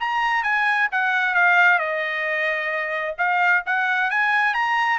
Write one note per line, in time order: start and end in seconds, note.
0.00 0.43 A#5
0.43 0.89 G#5
0.92 1.35 F#5
1.35 1.79 F5
1.79 3.15 D#5
3.18 3.63 F5
3.66 4.11 F#5
4.11 4.54 G#5
4.54 4.99 A#5